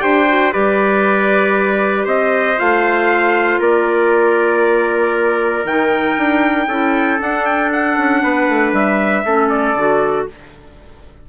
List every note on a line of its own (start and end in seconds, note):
0.00 0.53 D4
0.00 0.26 G4
0.00 0.53 C5
0.00 0.52 G5
0.28 0.52 F#4
0.52 2.06 G3
0.52 2.57 G4
0.52 2.05 B4
0.52 2.07 D5
2.05 2.57 C4
2.05 3.59 C5
2.05 2.59 D#5
2.57 3.60 A3
2.57 5.65 F4
2.57 3.62 F5
3.60 5.64 A#3
3.60 6.67 A#4
3.60 5.66 D5
5.64 6.15 D#3
5.64 6.70 D#4
5.64 7.20 G5
6.17 6.68 D4
6.68 7.19 C#4
6.68 7.18 E4
6.68 8.22 A4
7.18 9.23 D4
7.18 7.97 D4
7.18 7.45 F#5
7.45 7.71 G5
7.72 8.74 F#5
7.97 8.23 C#4
8.22 8.48 B3
8.22 9.25 B4
8.48 8.72 A3
8.72 9.23 G3
8.72 9.49 E5
9.25 9.74 A3
9.25 9.77 C#4
9.25 10.28 A4
9.49 10.26 D5
9.74 10.25 D3
9.74 10.29 F#4